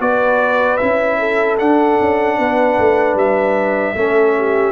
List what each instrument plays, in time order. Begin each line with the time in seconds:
0.00 tuba B3, trombone F#4, horn B4, trumpet D5
0.77 tuba C#4, trombone E4, trumpet E5
1.19 horn A4
1.58 trombone D4, tuba D4, trumpet F#5
2.00 tuba C#4
2.38 tuba B3, horn B4
2.78 tuba A3
3.15 tuba G3, trumpet E5
3.94 tuba A3, trombone C#4, horn A4
4.37 horn G4